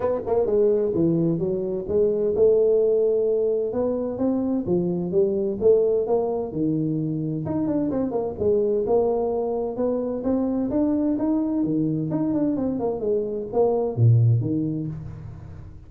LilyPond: \new Staff \with { instrumentName = "tuba" } { \time 4/4 \tempo 4 = 129 b8 ais8 gis4 e4 fis4 | gis4 a2. | b4 c'4 f4 g4 | a4 ais4 dis2 |
dis'8 d'8 c'8 ais8 gis4 ais4~ | ais4 b4 c'4 d'4 | dis'4 dis4 dis'8 d'8 c'8 ais8 | gis4 ais4 ais,4 dis4 | }